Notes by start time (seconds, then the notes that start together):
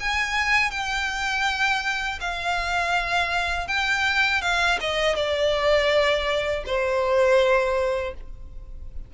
0.00 G#5
0.71 G5
2.21 F5
3.68 G5
4.42 F5
4.80 D#5
5.16 D5
6.66 C5